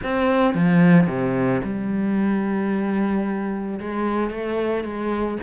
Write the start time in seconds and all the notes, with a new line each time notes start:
0.03 C4
0.54 F3
1.07 C3
1.63 G3
3.80 G#3
4.30 A3
4.84 G#3